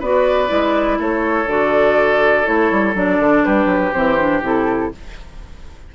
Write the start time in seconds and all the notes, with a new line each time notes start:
0.00 B3 F#4 B4 D5
0.48 G#3 E4
0.99 A3 A4 C#5
1.47 D3 F#4 D5
2.45 A3 E4 C#5
2.72 G3
2.95 F#3 D4 D5
3.20 D3
3.45 G3 G4 B4
3.66 F#3
3.93 E3 C4 C5
4.18 D4
4.42 C3 E4 A4